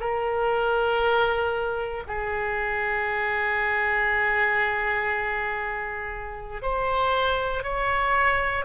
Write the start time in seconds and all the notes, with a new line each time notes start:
0.00 A#4
2.07 G#4
6.62 C5
7.63 C#5